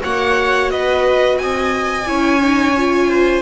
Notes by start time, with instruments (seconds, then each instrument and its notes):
0.00 double bass A#3, viola F#4 C#5, violin F#5
0.71 double bass B3, viola B4, violin D#5
1.38 double bass C4, viola D#5, violin G#5
2.06 double bass C#4, viola E4 C#5
2.42 viola D#4
2.78 viola F4
3.09 viola C5